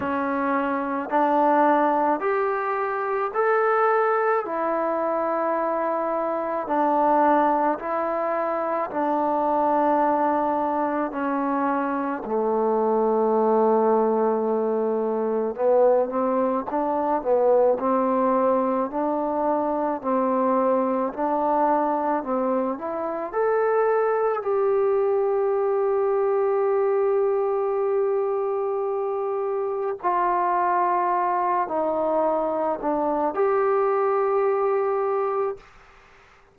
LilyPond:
\new Staff \with { instrumentName = "trombone" } { \time 4/4 \tempo 4 = 54 cis'4 d'4 g'4 a'4 | e'2 d'4 e'4 | d'2 cis'4 a4~ | a2 b8 c'8 d'8 b8 |
c'4 d'4 c'4 d'4 | c'8 e'8 a'4 g'2~ | g'2. f'4~ | f'8 dis'4 d'8 g'2 | }